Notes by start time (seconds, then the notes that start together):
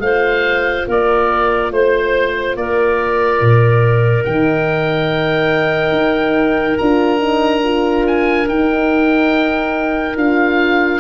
0.00 A3 F4 C5 F5
0.87 A#3 A#4 D5
1.71 A3 C5
2.56 A#3 A#4 D5
3.41 A#2
4.24 D#3 D#4 G5
5.92 D#4
6.78 D4 F4 A#5
7.19 D#4
7.64 F4
8.07 G#5
8.48 D#4 G5
10.16 D4 F4 F5